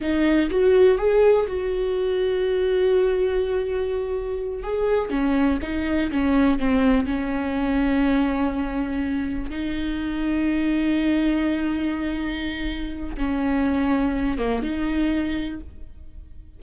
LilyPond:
\new Staff \with { instrumentName = "viola" } { \time 4/4 \tempo 4 = 123 dis'4 fis'4 gis'4 fis'4~ | fis'1~ | fis'4. gis'4 cis'4 dis'8~ | dis'8 cis'4 c'4 cis'4.~ |
cis'2.~ cis'8 dis'8~ | dis'1~ | dis'2. cis'4~ | cis'4. ais8 dis'2 | }